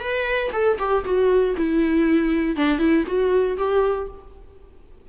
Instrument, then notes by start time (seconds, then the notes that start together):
viola
0.00 B4
0.52 A4
0.79 G4
1.05 F#4
1.57 E4
2.56 D4
2.79 E4
3.07 F#4
3.57 G4